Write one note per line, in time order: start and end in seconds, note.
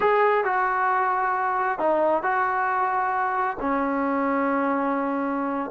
0.00 0.44 G#4
0.44 1.78 F#4
1.78 2.22 D#4
2.22 3.57 F#4
3.60 5.70 C#4